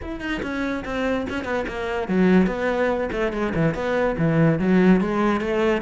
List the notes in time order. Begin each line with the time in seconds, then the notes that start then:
0.02 E4
0.20 D#4
0.42 C#4
0.84 C4
1.29 C#4
1.44 B3
1.67 A#3
2.08 F#3
2.47 B3
3.12 A3
3.32 G#3
3.54 E3
3.74 B3
4.18 E3
4.59 F#3
5.01 G#3
5.40 A3